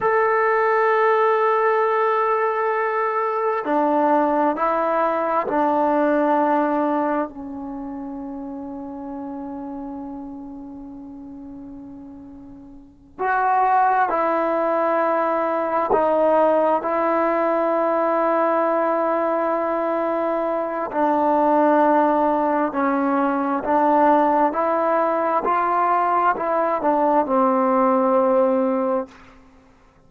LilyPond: \new Staff \with { instrumentName = "trombone" } { \time 4/4 \tempo 4 = 66 a'1 | d'4 e'4 d'2 | cis'1~ | cis'2~ cis'8 fis'4 e'8~ |
e'4. dis'4 e'4.~ | e'2. d'4~ | d'4 cis'4 d'4 e'4 | f'4 e'8 d'8 c'2 | }